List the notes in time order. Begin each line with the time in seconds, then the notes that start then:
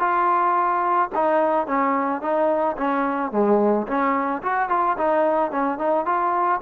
0.00 F4
1.15 D#4
1.67 C#4
2.22 D#4
2.78 C#4
3.32 G#3
3.88 C#4
4.43 F#4
4.70 F4
4.98 D#4
5.52 C#4
5.79 D#4
6.06 F4